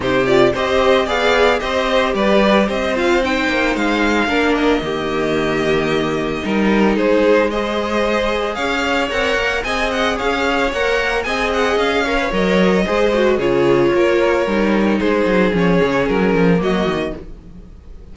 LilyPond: <<
  \new Staff \with { instrumentName = "violin" } { \time 4/4 \tempo 4 = 112 c''8 d''8 dis''4 f''4 dis''4 | d''4 dis''8 f''8 g''4 f''4~ | f''8 dis''2.~ dis''8~ | dis''4 c''4 dis''2 |
f''4 fis''4 gis''8 fis''8 f''4 | fis''4 gis''8 fis''8 f''4 dis''4~ | dis''4 cis''2. | c''4 cis''4 ais'4 dis''4 | }
  \new Staff \with { instrumentName = "violin" } { \time 4/4 g'4 c''4 d''4 c''4 | b'4 c''2. | ais'4 g'2. | ais'4 gis'4 c''2 |
cis''2 dis''4 cis''4~ | cis''4 dis''4. cis''4. | c''4 gis'4 ais'2 | gis'2. fis'4 | }
  \new Staff \with { instrumentName = "viola" } { \time 4/4 dis'8 f'8 g'4 gis'4 g'4~ | g'4. f'8 dis'2 | d'4 ais2. | dis'2 gis'2~ |
gis'4 ais'4 gis'2 | ais'4 gis'4. ais'16 b'16 ais'4 | gis'8 fis'8 f'2 dis'4~ | dis'4 cis'2 ais4 | }
  \new Staff \with { instrumentName = "cello" } { \time 4/4 c4 c'4 b4 c'4 | g4 c'4. ais8 gis4 | ais4 dis2. | g4 gis2. |
cis'4 c'8 ais8 c'4 cis'4 | ais4 c'4 cis'4 fis4 | gis4 cis4 ais4 g4 | gis8 fis8 f8 cis8 fis8 f8 fis8 dis8 | }
>>